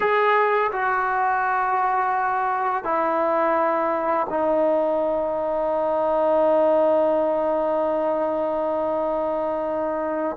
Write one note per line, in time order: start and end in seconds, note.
0.00 0.71 G#4
0.71 2.84 F#4
2.84 4.27 E4
4.29 10.36 D#4